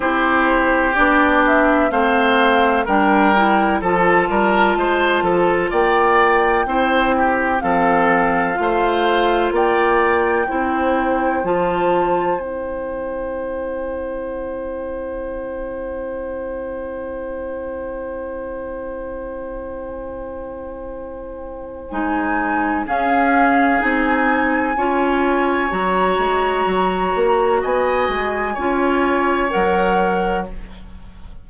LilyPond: <<
  \new Staff \with { instrumentName = "flute" } { \time 4/4 \tempo 4 = 63 c''4 d''8 e''8 f''4 g''4 | a''2 g''2 | f''2 g''2 | a''4 g''2.~ |
g''1~ | g''2. gis''4 | f''4 gis''2 ais''4~ | ais''4 gis''2 fis''4 | }
  \new Staff \with { instrumentName = "oboe" } { \time 4/4 g'2 c''4 ais'4 | a'8 ais'8 c''8 a'8 d''4 c''8 g'8 | a'4 c''4 d''4 c''4~ | c''1~ |
c''1~ | c''1 | gis'2 cis''2~ | cis''4 dis''4 cis''2 | }
  \new Staff \with { instrumentName = "clarinet" } { \time 4/4 e'4 d'4 c'4 d'8 e'8 | f'2. e'4 | c'4 f'2 e'4 | f'4 e'2.~ |
e'1~ | e'2. dis'4 | cis'4 dis'4 f'4 fis'4~ | fis'2 f'4 ais'4 | }
  \new Staff \with { instrumentName = "bassoon" } { \time 4/4 c'4 b4 a4 g4 | f8 g8 gis8 f8 ais4 c'4 | f4 a4 ais4 c'4 | f4 c'2.~ |
c'1~ | c'2. gis4 | cis'4 c'4 cis'4 fis8 gis8 | fis8 ais8 b8 gis8 cis'4 fis4 | }
>>